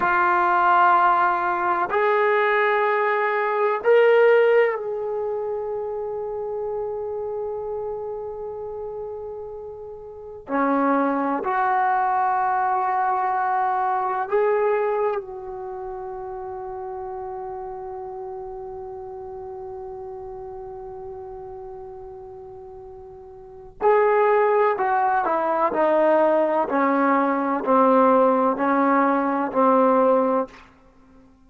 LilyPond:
\new Staff \with { instrumentName = "trombone" } { \time 4/4 \tempo 4 = 63 f'2 gis'2 | ais'4 gis'2.~ | gis'2. cis'4 | fis'2. gis'4 |
fis'1~ | fis'1~ | fis'4 gis'4 fis'8 e'8 dis'4 | cis'4 c'4 cis'4 c'4 | }